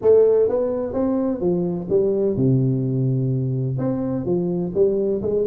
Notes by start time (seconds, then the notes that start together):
0.01 A3
0.49 B3
0.93 C4
1.40 F3
1.89 G3
2.36 C3
3.78 C4
4.25 F3
4.74 G3
5.21 G#3